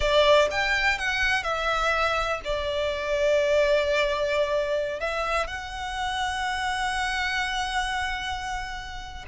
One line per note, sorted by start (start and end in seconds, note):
0.00 0.48 D5
0.50 0.98 G5
0.98 1.43 F#5
1.43 2.40 E5
2.44 5.00 D5
5.00 5.47 E5
5.47 9.25 F#5